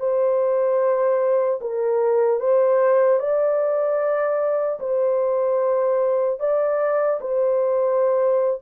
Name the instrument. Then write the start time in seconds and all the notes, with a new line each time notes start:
horn
0.00 C5
1.61 A#4
2.40 C5
3.20 D5
4.80 C5
6.40 D5
7.21 C5